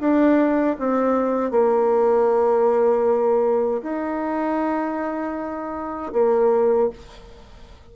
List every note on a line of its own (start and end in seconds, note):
0.00 0.77 D4
0.79 1.51 C4
1.51 3.82 A#3
3.83 6.13 D#4
6.13 6.90 A#3